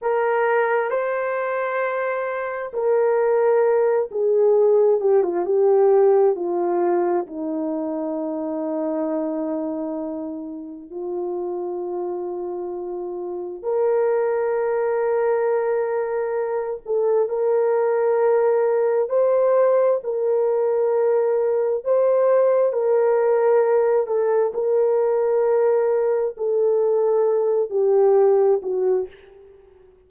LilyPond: \new Staff \with { instrumentName = "horn" } { \time 4/4 \tempo 4 = 66 ais'4 c''2 ais'4~ | ais'8 gis'4 g'16 f'16 g'4 f'4 | dis'1 | f'2. ais'4~ |
ais'2~ ais'8 a'8 ais'4~ | ais'4 c''4 ais'2 | c''4 ais'4. a'8 ais'4~ | ais'4 a'4. g'4 fis'8 | }